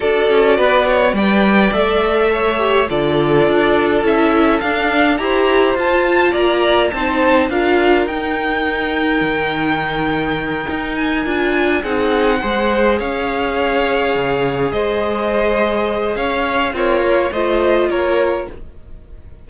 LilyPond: <<
  \new Staff \with { instrumentName = "violin" } { \time 4/4 \tempo 4 = 104 d''2 g''4 e''4~ | e''4 d''2 e''4 | f''4 ais''4 a''4 ais''4 | a''4 f''4 g''2~ |
g''2. gis''4~ | gis''8 fis''2 f''4.~ | f''4. dis''2~ dis''8 | f''4 cis''4 dis''4 cis''4 | }
  \new Staff \with { instrumentName = "violin" } { \time 4/4 a'4 b'8 cis''8 d''2 | cis''4 a'2.~ | a'4 c''2 d''4 | c''4 ais'2.~ |
ais'1~ | ais'8 gis'4 c''4 cis''4.~ | cis''4. c''2~ c''8 | cis''4 f'4 c''4 ais'4 | }
  \new Staff \with { instrumentName = "viola" } { \time 4/4 fis'2 b'4 a'4~ | a'8 g'8 f'2 e'4 | d'4 g'4 f'2 | dis'4 f'4 dis'2~ |
dis'2.~ dis'8 f'8~ | f'8 dis'4 gis'2~ gis'8~ | gis'1~ | gis'4 ais'4 f'2 | }
  \new Staff \with { instrumentName = "cello" } { \time 4/4 d'8 cis'8 b4 g4 a4~ | a4 d4 d'4 cis'4 | d'4 e'4 f'4 ais4 | c'4 d'4 dis'2 |
dis2~ dis8 dis'4 d'8~ | d'8 c'4 gis4 cis'4.~ | cis'8 cis4 gis2~ gis8 | cis'4 c'8 ais8 a4 ais4 | }
>>